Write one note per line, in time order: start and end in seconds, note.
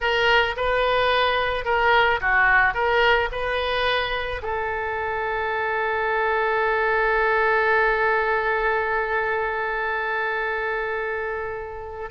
0.00 0.55 A#4
0.56 1.64 B4
1.64 2.19 A#4
2.20 2.74 F#4
2.74 3.29 A#4
3.31 4.41 B4
4.42 12.10 A4